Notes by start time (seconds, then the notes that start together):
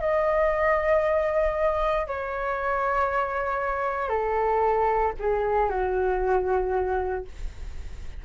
0.00 D#5
2.07 C#5
4.09 A4
5.19 G#4
5.70 F#4